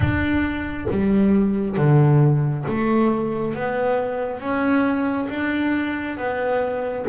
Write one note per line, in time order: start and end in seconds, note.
0.00 0.86 D4
0.90 1.76 G3
1.76 2.65 D3
2.68 3.54 A3
3.54 4.40 B3
4.40 5.28 C#4
5.29 6.17 D4
6.17 7.05 B3